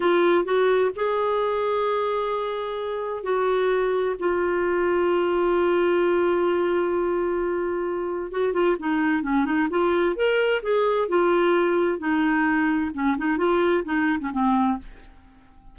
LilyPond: \new Staff \with { instrumentName = "clarinet" } { \time 4/4 \tempo 4 = 130 f'4 fis'4 gis'2~ | gis'2. fis'4~ | fis'4 f'2.~ | f'1~ |
f'2 fis'8 f'8 dis'4 | cis'8 dis'8 f'4 ais'4 gis'4 | f'2 dis'2 | cis'8 dis'8 f'4 dis'8. cis'16 c'4 | }